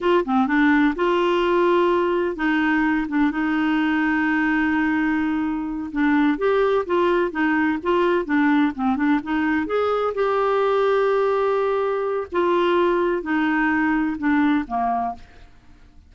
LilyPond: \new Staff \with { instrumentName = "clarinet" } { \time 4/4 \tempo 4 = 127 f'8 c'8 d'4 f'2~ | f'4 dis'4. d'8 dis'4~ | dis'1~ | dis'8 d'4 g'4 f'4 dis'8~ |
dis'8 f'4 d'4 c'8 d'8 dis'8~ | dis'8 gis'4 g'2~ g'8~ | g'2 f'2 | dis'2 d'4 ais4 | }